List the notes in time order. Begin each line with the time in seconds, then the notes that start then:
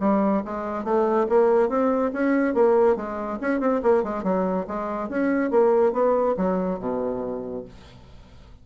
0.00 G3
0.45 G#3
0.84 A3
1.29 A#3
1.69 C4
2.13 C#4
2.54 A#3
2.96 G#3
3.41 C#4
3.60 C4
3.83 A#3
4.03 G#3
4.23 F#3
4.68 G#3
5.09 C#4
5.51 A#3
5.93 B3
6.37 F#3
6.79 B2